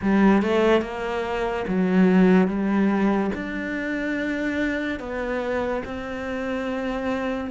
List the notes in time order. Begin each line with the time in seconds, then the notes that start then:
0.02 G3
0.42 A3
0.81 A#3
1.67 F#3
2.47 G3
3.34 D4
4.99 B3
5.84 C4